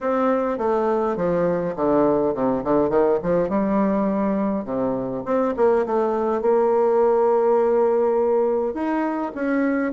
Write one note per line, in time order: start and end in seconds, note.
0.01 0.58 C4
0.58 1.16 A3
1.16 1.74 F3
1.76 2.34 D3
2.34 2.63 C3
2.63 2.89 D3
2.89 3.19 D#3
3.22 3.49 F3
3.49 4.64 G3
4.64 5.23 C3
5.25 5.54 C4
5.56 5.85 A#3
5.85 6.41 A3
6.41 8.74 A#3
8.74 9.32 D#4
9.34 9.92 C#4